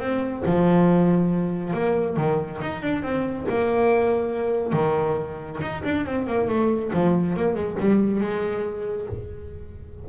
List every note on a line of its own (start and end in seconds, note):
0.00 0.43 C4
0.46 1.74 F3
1.74 2.17 A#3
2.17 2.60 D#3
2.62 2.83 D#4
2.83 3.03 D4
3.03 3.46 C4
3.49 4.73 A#3
4.73 5.59 D#3
5.61 5.83 D#4
5.84 6.06 D4
6.06 6.27 C4
6.27 6.48 A#3
6.48 6.92 A3
6.94 7.37 F3
7.37 7.55 A#3
7.55 7.77 G#3
7.80 8.21 G3
8.21 9.07 G#3